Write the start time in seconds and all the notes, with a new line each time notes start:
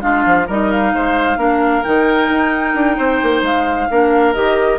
0.00 G#3 D4 F4 F5
0.25 F3
0.46 G3 D#4 A#4 D#5
0.71 F5
0.94 G#3 C5
1.36 A#3 D4 A#4
1.83 D#3 D#4 G5
2.29 D#4
2.74 D4
2.97 C4 C5
3.23 A#3
3.42 G#3 F5
3.90 A#3 D4 A#4
4.33 D#3 G4 D#5